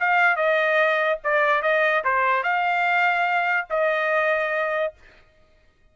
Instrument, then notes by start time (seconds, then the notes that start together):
trumpet
0.00 F5
0.36 D#5
1.24 D5
1.62 D#5
2.04 C5
2.44 F5
3.70 D#5